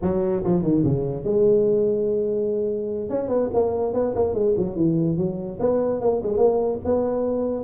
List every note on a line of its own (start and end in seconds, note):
0.02 0.43 F#3
0.43 0.62 F3
0.62 0.83 D#3
0.84 1.24 C#3
1.24 3.09 G#3
3.09 3.28 C#4
3.28 3.49 B3
3.53 3.93 A#3
3.93 4.14 B3
4.15 4.34 A#3
4.34 4.54 G#3
4.57 4.76 F#3
4.76 5.17 E3
5.17 5.58 F#3
5.59 6.00 B3
6.00 6.21 A#3
6.22 6.37 G#3
6.37 6.78 A#3
6.84 7.64 B3